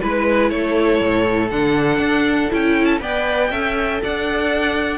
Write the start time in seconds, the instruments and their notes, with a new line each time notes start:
0.00 cello G#3, viola E4, violin B4
0.50 cello A3, violin A4 C#5
1.01 cello A2
1.50 cello D3, viola D4, violin F#5
1.99 cello D4
2.51 cello C#4, viola E4, violin G5
2.85 violin A5
3.00 cello B3, viola B4, violin D5 G5
3.50 cello C#4, viola A4, violin E5
4.03 cello D4, violin D5 F#5